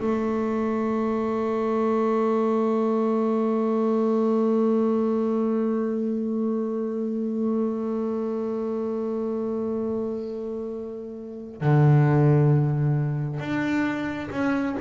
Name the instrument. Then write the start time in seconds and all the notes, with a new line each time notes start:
double bass
0.00 A3
11.62 D3
13.40 D4
14.31 C#4